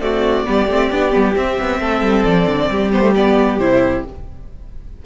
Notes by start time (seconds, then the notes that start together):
0.00 A3 C4 F#4 D5
0.45 G3 B3 G4
0.67 A3 C4
0.91 B3 D4
1.11 G3 B3
1.35 C4 E5
1.59 B3
1.80 A3 A4
2.01 G3
2.24 F3 D5
2.46 D3
2.69 G3 G4
2.92 B3 C5
3.02 A3
3.15 B3 D5
3.58 C3 E4 C5